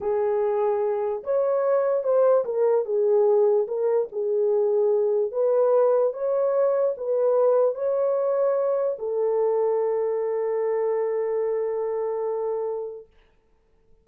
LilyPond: \new Staff \with { instrumentName = "horn" } { \time 4/4 \tempo 4 = 147 gis'2. cis''4~ | cis''4 c''4 ais'4 gis'4~ | gis'4 ais'4 gis'2~ | gis'4 b'2 cis''4~ |
cis''4 b'2 cis''4~ | cis''2 a'2~ | a'1~ | a'1 | }